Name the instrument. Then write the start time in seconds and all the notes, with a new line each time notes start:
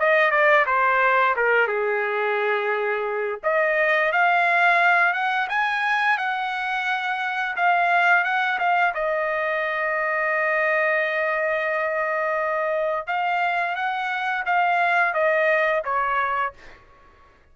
trumpet
0.00 D#5
0.31 D5
0.67 C5
1.37 A#4
1.68 G#4
3.44 D#5
4.13 F5
5.14 F#5
5.49 G#5
6.18 F#5
7.57 F5
8.25 F#5
8.60 F5
8.95 D#5
13.07 F5
13.76 F#5
14.46 F5
15.14 D#5
15.85 C#5